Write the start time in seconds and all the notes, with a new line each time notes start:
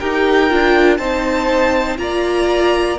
0.00 D#4 G4 A#4 G5
0.50 D4 F4
0.97 C4 D#4 C5 A5
1.98 A#3 F4 D5 A#5